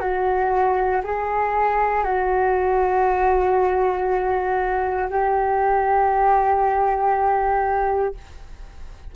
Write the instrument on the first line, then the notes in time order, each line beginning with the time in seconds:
flute
0.00 F#4
1.04 G#4
2.04 F#4
5.10 G4